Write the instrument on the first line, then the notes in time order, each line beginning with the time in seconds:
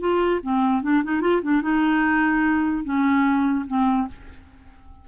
clarinet
0.00 F4
0.43 C4
0.83 D4
1.04 D#4
1.21 F4
1.42 D4
1.62 D#4
2.84 C#4
3.67 C4